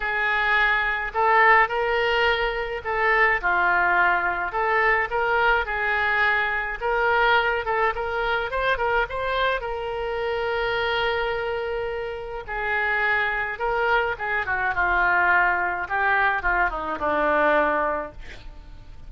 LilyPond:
\new Staff \with { instrumentName = "oboe" } { \time 4/4 \tempo 4 = 106 gis'2 a'4 ais'4~ | ais'4 a'4 f'2 | a'4 ais'4 gis'2 | ais'4. a'8 ais'4 c''8 ais'8 |
c''4 ais'2.~ | ais'2 gis'2 | ais'4 gis'8 fis'8 f'2 | g'4 f'8 dis'8 d'2 | }